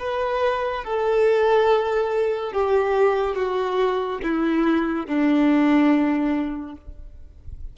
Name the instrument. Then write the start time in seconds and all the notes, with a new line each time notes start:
violin
0.00 B4
0.85 A4
2.53 G4
3.36 F#4
4.24 E4
5.07 D4